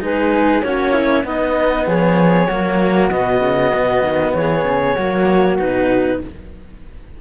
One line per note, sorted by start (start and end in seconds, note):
0.00 0.62 G#3
0.00 0.62 D#4
0.00 0.64 G#4
0.00 0.62 B4
0.62 1.24 A#3
0.62 1.24 C#4
0.62 0.93 F#4
0.62 1.24 C#5
0.93 1.24 E4
1.24 1.86 B3
1.24 2.48 B3
1.24 1.88 D#4
1.24 1.87 D#5
1.86 2.48 F3
1.86 2.47 G#4
1.86 3.10 C#5
2.47 3.10 F#3
2.47 3.11 A#3
2.47 4.33 F#4
3.10 3.41 B2
3.10 4.97 B3
3.10 4.34 D#5
3.41 3.72 C#3
3.75 4.03 B2
4.03 4.34 D#3
4.34 4.64 E3
4.34 4.95 G#4
4.34 5.57 C#5
4.64 4.95 C#3
4.95 5.59 F#3
4.95 5.59 A#3
4.95 6.19 F#4
5.59 6.21 B2
5.59 6.21 D#4
5.59 6.21 B4